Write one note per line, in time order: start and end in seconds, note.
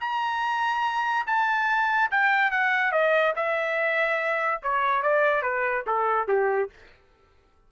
0.00 1.26 A#5
1.26 2.10 A5
2.11 2.51 G5
2.51 2.91 F#5
2.91 3.33 D#5
3.35 4.61 E5
4.62 5.02 C#5
5.02 5.42 D5
5.42 5.84 B4
5.86 6.28 A4
6.28 6.70 G4